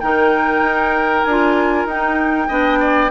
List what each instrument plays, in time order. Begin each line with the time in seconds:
0.00 bassoon D#3, clarinet D#4, oboe A#4, flute G5
0.60 bassoon D#4
1.24 bassoon D4, clarinet F4, flute G#5
1.85 bassoon D#4, clarinet D#4, flute G5
2.48 bassoon B3, clarinet D4, oboe D#5
2.80 oboe D5